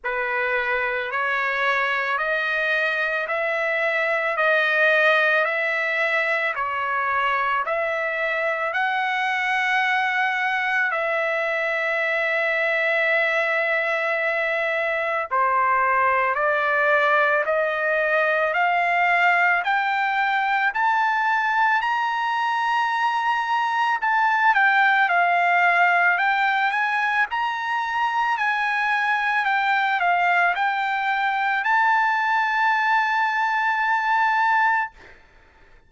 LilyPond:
\new Staff \with { instrumentName = "trumpet" } { \time 4/4 \tempo 4 = 55 b'4 cis''4 dis''4 e''4 | dis''4 e''4 cis''4 e''4 | fis''2 e''2~ | e''2 c''4 d''4 |
dis''4 f''4 g''4 a''4 | ais''2 a''8 g''8 f''4 | g''8 gis''8 ais''4 gis''4 g''8 f''8 | g''4 a''2. | }